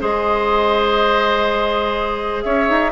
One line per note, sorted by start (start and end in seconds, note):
0.00 2.45 G#3
0.00 2.92 G#4
0.00 2.45 C5
0.00 2.43 D#5
2.43 2.69 C#4
2.43 2.92 C#5
2.43 2.92 E5
2.70 2.92 D#4